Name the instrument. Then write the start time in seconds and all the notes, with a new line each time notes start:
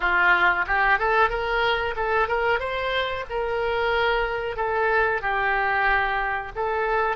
oboe
0.00 F4
0.66 G4
0.98 A4
1.29 A#4
1.96 A4
2.28 A#4
2.59 C5
3.29 A#4
4.56 A4
5.21 G4
6.55 A4